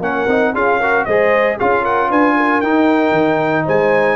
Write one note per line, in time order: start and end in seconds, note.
0.00 0.26 A#3
0.00 0.28 C#4
0.00 0.54 A#4
0.00 0.55 F#5
0.27 0.53 C4
0.27 0.55 D#4
0.54 1.06 C#4
0.54 0.81 F4
0.54 0.80 G#4
0.54 1.05 F5
0.80 1.09 F#4
0.80 1.06 A#4
1.05 1.59 G#3
1.05 1.60 G#4
1.05 1.57 C5
1.05 1.57 D#5
1.57 2.11 C#4
1.57 2.64 F4
1.57 1.82 G#4
1.57 1.85 F5
1.82 2.08 A#4
1.82 2.11 F#5
2.09 2.63 D4
2.09 2.35 B4
2.09 2.61 G#5
2.36 3.66 A#4
2.61 3.11 D#4
2.61 4.16 D#4
2.61 3.65 G5
3.11 3.63 D#3
3.66 4.16 G#3
3.66 4.16 C5
3.66 4.16 G#5